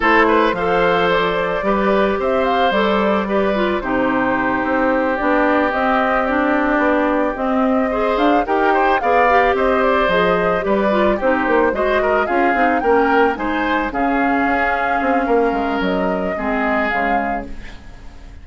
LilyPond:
<<
  \new Staff \with { instrumentName = "flute" } { \time 4/4 \tempo 4 = 110 c''4 f''4 d''2 | e''8 f''8 d''2 c''4~ | c''4. d''4 dis''4 d''8~ | d''4. dis''4. f''8 g''8~ |
g''8 f''4 dis''8 d''8 dis''4 d''8~ | d''8 c''4 dis''4 f''4 g''8~ | g''8 gis''4 f''2~ f''8~ | f''4 dis''2 f''4 | }
  \new Staff \with { instrumentName = "oboe" } { \time 4/4 a'8 b'8 c''2 b'4 | c''2 b'4 g'4~ | g'1~ | g'2~ g'8 c''4 ais'8 |
c''8 d''4 c''2 b'8~ | b'8 g'4 c''8 ais'8 gis'4 ais'8~ | ais'8 c''4 gis'2~ gis'8 | ais'2 gis'2 | }
  \new Staff \with { instrumentName = "clarinet" } { \time 4/4 e'4 a'2 g'4~ | g'4 a'4 g'8 f'8 dis'4~ | dis'4. d'4 c'4 d'8~ | d'4. c'4 gis'4 g'8~ |
g'8 gis'8 g'4. gis'4 g'8 | f'8 dis'4 fis'4 f'8 dis'8 cis'8~ | cis'8 dis'4 cis'2~ cis'8~ | cis'2 c'4 gis4 | }
  \new Staff \with { instrumentName = "bassoon" } { \time 4/4 a4 f2 g4 | c'4 g2 c4~ | c8 c'4 b4 c'4.~ | c'8 b4 c'4. d'8 dis'8~ |
dis'8 b4 c'4 f4 g8~ | g8 c'8 ais8 gis4 cis'8 c'8 ais8~ | ais8 gis4 cis4 cis'4 c'8 | ais8 gis8 fis4 gis4 cis4 | }
>>